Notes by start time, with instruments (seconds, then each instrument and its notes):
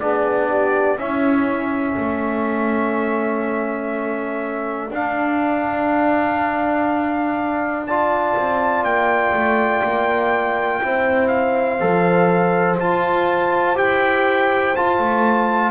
0.00 double bass B3, trombone D4, horn G#4, trumpet D5
0.49 horn G4
0.98 trombone C#4, double bass C#4, horn E4, trumpet E5
1.97 double bass A3, horn A4
4.91 double bass D4, trombone D4, trumpet F5
7.87 trombone F4, horn D5, trumpet A5
8.37 double bass C4
8.84 double bass A#3, trumpet G5
9.33 double bass A3
9.83 double bass A#3
10.83 double bass C4, trombone E4, horn C5
11.28 trumpet F5
11.81 double bass F3, trombone A4
12.79 trombone F4, double bass F4, trumpet A5
13.75 double bass E4, trombone G4, trumpet G5
14.76 trombone F4, double bass F4, trumpet A5
14.99 double bass A3